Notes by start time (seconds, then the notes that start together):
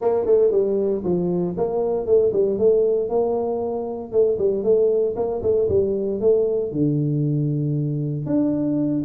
0.01 A#3
0.25 A3
0.51 G3
1.04 F3
1.57 A#3
2.06 A3
2.33 G3
2.58 A3
3.09 A#3
4.11 A3
4.38 G3
4.63 A3
5.16 A#3
5.42 A3
5.68 G3
6.20 A3
6.71 D3
8.25 D4